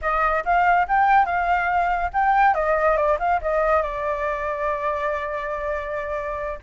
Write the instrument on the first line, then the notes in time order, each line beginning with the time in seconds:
flute
0.01 D#5
0.44 F5
0.88 G5
1.25 F5
2.13 G5
2.54 D#5
2.96 D5
3.19 F5
3.41 D#5
3.82 D5